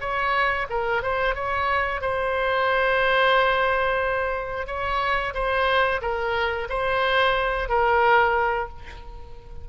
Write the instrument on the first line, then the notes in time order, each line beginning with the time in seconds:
oboe
0.00 C#5
0.69 A#4
1.02 C5
1.35 C#5
2.01 C5
4.67 C#5
5.34 C5
6.01 A#4
6.69 C5
7.69 A#4